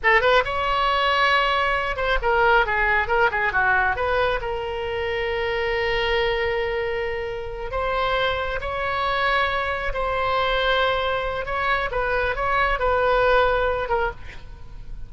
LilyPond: \new Staff \with { instrumentName = "oboe" } { \time 4/4 \tempo 4 = 136 a'8 b'8 cis''2.~ | cis''8 c''8 ais'4 gis'4 ais'8 gis'8 | fis'4 b'4 ais'2~ | ais'1~ |
ais'4. c''2 cis''8~ | cis''2~ cis''8 c''4.~ | c''2 cis''4 b'4 | cis''4 b'2~ b'8 ais'8 | }